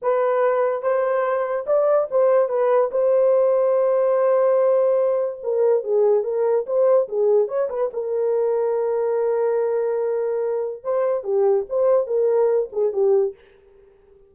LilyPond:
\new Staff \with { instrumentName = "horn" } { \time 4/4 \tempo 4 = 144 b'2 c''2 | d''4 c''4 b'4 c''4~ | c''1~ | c''4 ais'4 gis'4 ais'4 |
c''4 gis'4 cis''8 b'8 ais'4~ | ais'1~ | ais'2 c''4 g'4 | c''4 ais'4. gis'8 g'4 | }